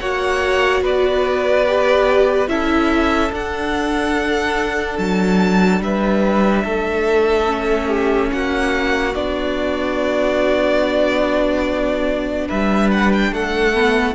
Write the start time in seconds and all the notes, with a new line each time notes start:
0.00 A#3 F#4 C#5 F#5
0.82 B3 B4 D5
1.68 G4
2.48 C#4 E4 A4 E5
3.32 D4 F#5
4.99 F#3 A5
5.81 G3 B4 E5
6.64 A3 A4
7.46 C#4
7.88 G4
8.32 A#3 F#4 F#5
9.15 B3 D4 D5
12.48 G3 B4 E5
12.91 F#5
13.13 G5
13.33 A3 A4 F#5
13.74 B3